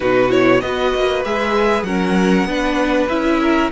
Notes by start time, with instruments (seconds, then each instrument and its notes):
0.00 cello B2, viola D#4, violin F#4 B4
0.29 viola E4, violin C#5
0.60 cello B3, viola F#4, violin B4 D#5
0.94 cello A#3
1.24 cello G#3, viola G#4, violin E5
1.82 cello F#3, viola C#4, violin A#4 F#5
2.45 cello B3, viola D4, violin B4
3.08 cello C#4, viola E4, violin E5
3.40 violin A#4